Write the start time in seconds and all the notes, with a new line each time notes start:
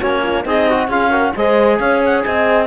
0.00 A#3 C#4 F#4 C#5
0.23 F4
0.43 C4 D#4 G#4 D#5
0.70 F#4
0.88 C#4 F4 G#4 F5
1.10 F#4 A#4
1.36 G#3 G#4 C5 D#5
1.80 C#4 C#5 F5
2.05 F#5
2.22 C4 D#5 G#5